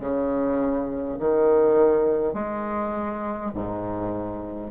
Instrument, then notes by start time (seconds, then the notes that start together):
bassoon
0.00 C#3
1.19 D#3
2.33 G#3
3.54 G#2